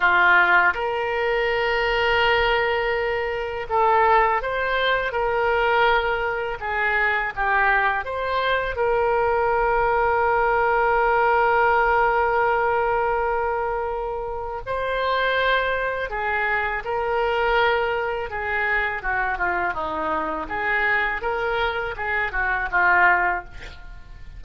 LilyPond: \new Staff \with { instrumentName = "oboe" } { \time 4/4 \tempo 4 = 82 f'4 ais'2.~ | ais'4 a'4 c''4 ais'4~ | ais'4 gis'4 g'4 c''4 | ais'1~ |
ais'1 | c''2 gis'4 ais'4~ | ais'4 gis'4 fis'8 f'8 dis'4 | gis'4 ais'4 gis'8 fis'8 f'4 | }